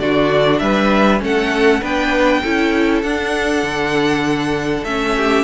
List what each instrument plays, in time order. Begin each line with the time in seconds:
0.00 cello D3, viola D4, violin F#4 D5
0.59 cello G3, violin B4 E5
1.19 cello A3, viola C#4, violin A4 F#5
1.81 cello B3, viola D4, violin B4 G5
2.42 cello C#4, viola E4, violin A4
3.02 cello D4, viola D4, violin F#5
3.63 cello D3
4.84 cello A3, viola C#4, violin E5
5.17 violin G4